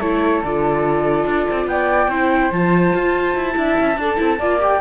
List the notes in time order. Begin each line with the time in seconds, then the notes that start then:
0.00 A3 E4 A4 C#5
0.43 D3 F4 D5
1.25 D4
1.49 C4
1.66 B3 D5 G5
2.07 C4 E4 C5
2.51 F3 F4 A5
2.94 F4
3.35 E4
3.53 D4 E4 E5
3.79 C#4
3.96 D4 A4
4.16 C4 E4
4.38 A#3 F4 D5
4.59 G4 G5